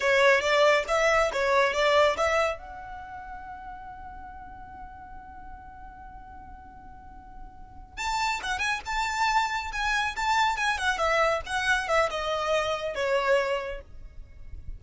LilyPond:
\new Staff \with { instrumentName = "violin" } { \time 4/4 \tempo 4 = 139 cis''4 d''4 e''4 cis''4 | d''4 e''4 fis''2~ | fis''1~ | fis''1~ |
fis''2~ fis''8 a''4 fis''8 | gis''8 a''2 gis''4 a''8~ | a''8 gis''8 fis''8 e''4 fis''4 e''8 | dis''2 cis''2 | }